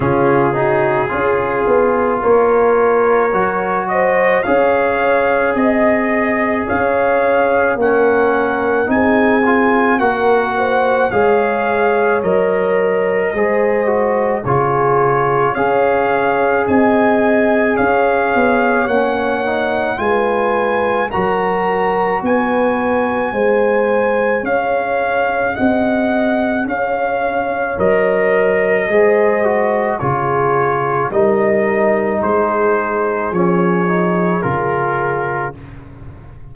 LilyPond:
<<
  \new Staff \with { instrumentName = "trumpet" } { \time 4/4 \tempo 4 = 54 gis'2 cis''4. dis''8 | f''4 dis''4 f''4 fis''4 | gis''4 fis''4 f''4 dis''4~ | dis''4 cis''4 f''4 gis''4 |
f''4 fis''4 gis''4 ais''4 | gis''2 f''4 fis''4 | f''4 dis''2 cis''4 | dis''4 c''4 cis''4 ais'4 | }
  \new Staff \with { instrumentName = "horn" } { \time 4/4 f'8 fis'8 gis'4 ais'4. c''8 | cis''4 dis''4 cis''4 ais'4 | gis'4 ais'8 c''8 cis''2 | c''4 gis'4 cis''4 dis''4 |
cis''2 b'4 ais'4 | b'4 c''4 cis''4 dis''4 | cis''2 c''4 gis'4 | ais'4 gis'2. | }
  \new Staff \with { instrumentName = "trombone" } { \time 4/4 cis'8 dis'8 f'2 fis'4 | gis'2. cis'4 | dis'8 f'8 fis'4 gis'4 ais'4 | gis'8 fis'8 f'4 gis'2~ |
gis'4 cis'8 dis'8 f'4 fis'4~ | fis'4 gis'2.~ | gis'4 ais'4 gis'8 fis'8 f'4 | dis'2 cis'8 dis'8 f'4 | }
  \new Staff \with { instrumentName = "tuba" } { \time 4/4 cis4 cis'8 b8 ais4 fis4 | cis'4 c'4 cis'4 ais4 | c'4 ais4 gis4 fis4 | gis4 cis4 cis'4 c'4 |
cis'8 b8 ais4 gis4 fis4 | b4 gis4 cis'4 c'4 | cis'4 fis4 gis4 cis4 | g4 gis4 f4 cis4 | }
>>